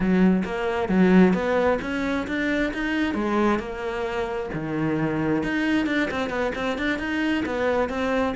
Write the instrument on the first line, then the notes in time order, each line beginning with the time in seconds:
cello
0.00 F#3
0.44 A#3
0.88 F#3
1.33 B3
1.81 C#4
2.27 D4
2.73 D#4
3.14 G#3
3.59 A#3
4.53 D#3
5.43 D#4
5.86 D4
6.10 C4
6.29 B3
6.55 C4
6.78 D4
6.98 D#4
7.45 B3
7.89 C4